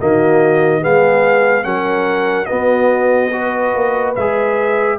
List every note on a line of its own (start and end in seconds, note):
0.00 0.85 D#3
0.00 0.81 A#3
0.00 0.81 F#4
0.00 0.84 D#5
0.81 1.65 G#3
0.81 1.63 B3
0.81 1.64 G#4
0.81 1.64 F5
1.63 2.48 F#3
1.63 2.46 C#4
1.63 2.48 A#4
1.63 2.45 F#5
2.45 3.31 B3
2.45 3.32 F#4
2.45 4.12 D#5
2.51 3.75 B3
3.32 4.15 F#4
3.32 4.99 B4
3.75 4.17 A#3
4.15 4.99 G#3
4.15 4.99 G#4
4.15 4.99 E5